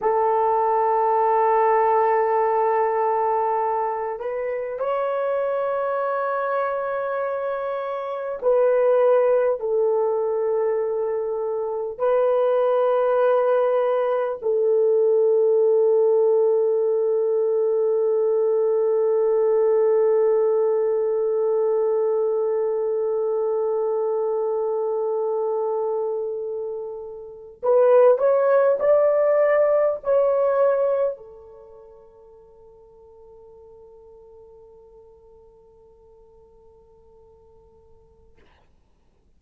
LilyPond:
\new Staff \with { instrumentName = "horn" } { \time 4/4 \tempo 4 = 50 a'2.~ a'8 b'8 | cis''2. b'4 | a'2 b'2 | a'1~ |
a'1~ | a'2. b'8 cis''8 | d''4 cis''4 a'2~ | a'1 | }